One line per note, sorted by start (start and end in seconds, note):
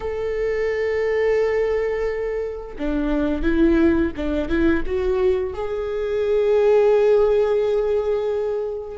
0.00 2.76 A4
2.78 3.42 D4
3.42 4.11 E4
4.16 4.48 D4
4.48 4.83 E4
4.86 5.53 F#4
5.53 8.97 G#4